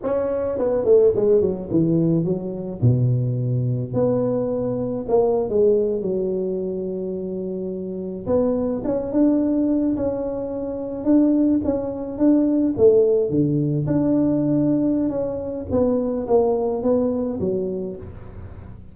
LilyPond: \new Staff \with { instrumentName = "tuba" } { \time 4/4 \tempo 4 = 107 cis'4 b8 a8 gis8 fis8 e4 | fis4 b,2 b4~ | b4 ais8. gis4 fis4~ fis16~ | fis2~ fis8. b4 cis'16~ |
cis'16 d'4. cis'2 d'16~ | d'8. cis'4 d'4 a4 d16~ | d8. d'2~ d'16 cis'4 | b4 ais4 b4 fis4 | }